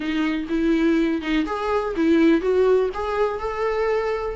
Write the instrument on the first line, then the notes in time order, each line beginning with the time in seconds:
viola
0.00 D#4
0.49 E4
1.21 D#4
1.46 G#4
1.96 E4
2.41 F#4
2.93 G#4
3.39 A4